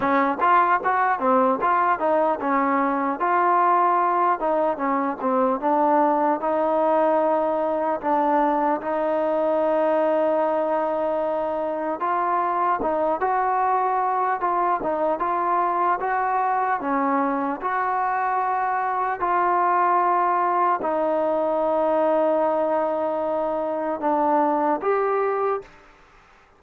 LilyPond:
\new Staff \with { instrumentName = "trombone" } { \time 4/4 \tempo 4 = 75 cis'8 f'8 fis'8 c'8 f'8 dis'8 cis'4 | f'4. dis'8 cis'8 c'8 d'4 | dis'2 d'4 dis'4~ | dis'2. f'4 |
dis'8 fis'4. f'8 dis'8 f'4 | fis'4 cis'4 fis'2 | f'2 dis'2~ | dis'2 d'4 g'4 | }